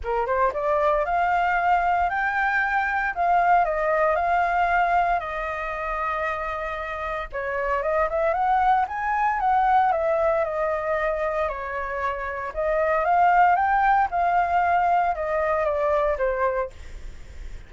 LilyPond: \new Staff \with { instrumentName = "flute" } { \time 4/4 \tempo 4 = 115 ais'8 c''8 d''4 f''2 | g''2 f''4 dis''4 | f''2 dis''2~ | dis''2 cis''4 dis''8 e''8 |
fis''4 gis''4 fis''4 e''4 | dis''2 cis''2 | dis''4 f''4 g''4 f''4~ | f''4 dis''4 d''4 c''4 | }